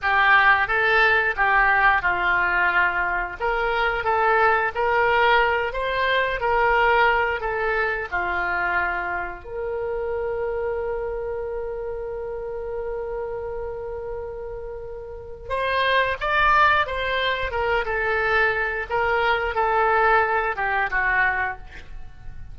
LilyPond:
\new Staff \with { instrumentName = "oboe" } { \time 4/4 \tempo 4 = 89 g'4 a'4 g'4 f'4~ | f'4 ais'4 a'4 ais'4~ | ais'8 c''4 ais'4. a'4 | f'2 ais'2~ |
ais'1~ | ais'2. c''4 | d''4 c''4 ais'8 a'4. | ais'4 a'4. g'8 fis'4 | }